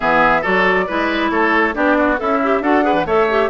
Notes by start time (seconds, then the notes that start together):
0.00 E3 B3 G#4 E5
0.41 F#3 F#4 A4 D5
0.87 G#3 E4 B4
1.30 A3 A4 C#5
1.73 B3 D4 G4 D5
1.98 F#4
2.17 C#4 E4 A4 E5
2.43 G4
2.60 D4 F#4 A4 F#5
2.82 G#4 B4
2.93 E3
3.05 A3 A4 C#5 E5
3.29 G4